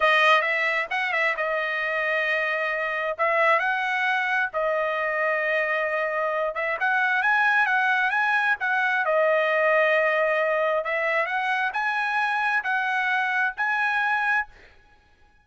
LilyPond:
\new Staff \with { instrumentName = "trumpet" } { \time 4/4 \tempo 4 = 133 dis''4 e''4 fis''8 e''8 dis''4~ | dis''2. e''4 | fis''2 dis''2~ | dis''2~ dis''8 e''8 fis''4 |
gis''4 fis''4 gis''4 fis''4 | dis''1 | e''4 fis''4 gis''2 | fis''2 gis''2 | }